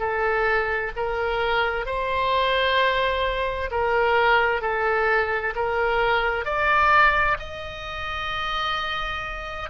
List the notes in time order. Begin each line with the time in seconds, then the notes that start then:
0.00 A4
0.97 A#4
1.86 C5
3.71 A#4
4.62 A4
5.56 A#4
6.45 D5
7.39 D#5